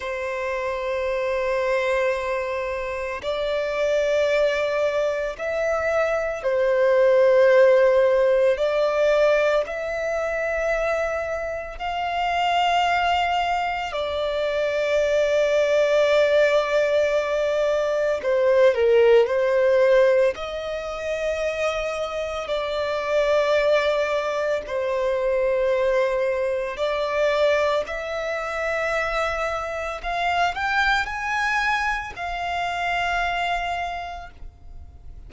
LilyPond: \new Staff \with { instrumentName = "violin" } { \time 4/4 \tempo 4 = 56 c''2. d''4~ | d''4 e''4 c''2 | d''4 e''2 f''4~ | f''4 d''2.~ |
d''4 c''8 ais'8 c''4 dis''4~ | dis''4 d''2 c''4~ | c''4 d''4 e''2 | f''8 g''8 gis''4 f''2 | }